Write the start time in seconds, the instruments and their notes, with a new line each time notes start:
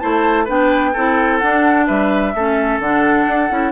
0.00 bassoon A3, clarinet E4, oboe C5, flute A5
0.45 bassoon B3, clarinet D4, oboe B4, flute G5
0.93 bassoon C4, clarinet E4, oboe A4
1.39 bassoon D4, clarinet D4, flute F#5
1.87 bassoon G3, oboe B4, flute E5
2.35 bassoon A3, clarinet C#4, oboe A4
2.79 bassoon D3, clarinet D4, flute F#5
3.27 bassoon D4
3.50 bassoon C#4, clarinet E4